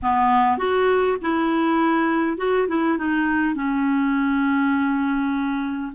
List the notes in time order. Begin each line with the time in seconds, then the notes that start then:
0.02 B3
0.58 F#4
1.21 E4
2.37 F#4
2.68 E4
2.98 D#4
3.55 C#4